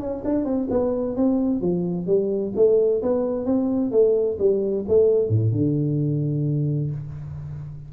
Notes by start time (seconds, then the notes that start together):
0.00 C#4
0.25 D4
0.45 C4
0.70 B3
1.16 C4
1.61 F3
2.07 G3
2.56 A3
3.03 B3
3.46 C4
3.91 A3
4.39 G3
4.89 A3
5.29 A2
5.52 D3